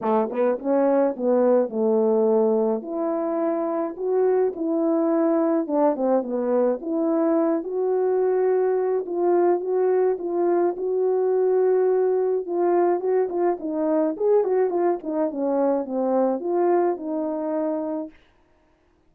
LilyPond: \new Staff \with { instrumentName = "horn" } { \time 4/4 \tempo 4 = 106 a8 b8 cis'4 b4 a4~ | a4 e'2 fis'4 | e'2 d'8 c'8 b4 | e'4. fis'2~ fis'8 |
f'4 fis'4 f'4 fis'4~ | fis'2 f'4 fis'8 f'8 | dis'4 gis'8 fis'8 f'8 dis'8 cis'4 | c'4 f'4 dis'2 | }